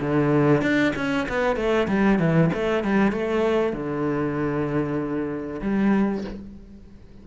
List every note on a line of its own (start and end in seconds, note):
0.00 0.62 D3
0.62 0.93 D4
0.96 1.27 C#4
1.28 1.56 B3
1.56 1.87 A3
1.88 2.19 G3
2.19 2.50 E3
2.53 2.84 A3
2.84 3.12 G3
3.12 3.73 A3
3.73 5.61 D3
5.61 6.24 G3